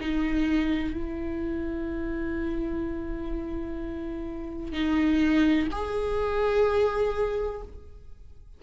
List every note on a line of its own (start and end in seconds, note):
0.00 0.94 D#4
0.94 4.72 E4
4.72 5.68 D#4
5.71 7.61 G#4